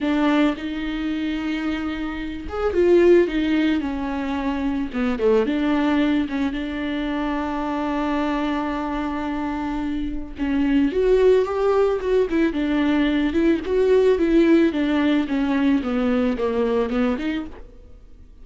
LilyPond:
\new Staff \with { instrumentName = "viola" } { \time 4/4 \tempo 4 = 110 d'4 dis'2.~ | dis'8 gis'8 f'4 dis'4 cis'4~ | cis'4 b8 a8 d'4. cis'8 | d'1~ |
d'2. cis'4 | fis'4 g'4 fis'8 e'8 d'4~ | d'8 e'8 fis'4 e'4 d'4 | cis'4 b4 ais4 b8 dis'8 | }